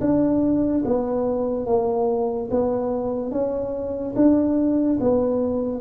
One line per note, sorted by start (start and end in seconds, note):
0.00 0.83 D4
0.84 1.66 B3
1.66 2.49 A#3
2.50 3.31 B3
3.31 4.14 C#4
4.16 4.99 D4
5.00 5.81 B3